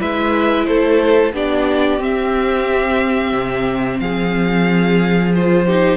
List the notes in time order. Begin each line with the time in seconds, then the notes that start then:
0.00 G#3 E4 B4 E5
0.66 A3 A4 C5
1.34 B3 D4 G4 D5
2.00 C4 E5
3.33 C3
4.00 F3 G#4 F5
5.36 F4 C5
5.66 D#4 G4